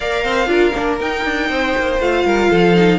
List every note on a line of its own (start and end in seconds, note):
0.00 0.24 A#3
0.00 0.46 A#4
0.00 0.23 D5
0.00 0.96 F5
0.23 0.47 C4
0.23 0.48 C5
0.46 0.72 D4
0.46 0.71 F4
0.46 1.50 A#4
0.74 1.00 A#3
0.74 0.99 D4
0.99 1.99 D#4
0.99 1.25 D#4
0.99 2.00 G5
1.25 1.49 D4
1.49 1.74 C4
1.49 2.25 C5
1.77 1.99 A#3
1.99 2.24 A3
1.99 2.75 F4
1.99 2.98 F5
2.24 2.49 G3
2.24 2.50 A#4
2.50 2.98 F3
2.50 2.98 A4
2.75 2.98 D#4